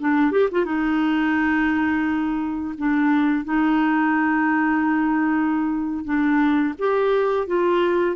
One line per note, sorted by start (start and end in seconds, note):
0.00 0.31 D4
0.31 0.49 G4
0.52 0.65 F4
0.65 2.75 D#4
2.78 3.45 D4
3.45 6.04 D#4
6.04 6.74 D4
6.79 7.47 G4
7.47 8.16 F4